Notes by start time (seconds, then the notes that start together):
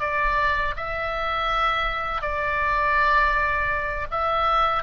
0.00 D5
0.76 E5
2.21 D5
4.10 E5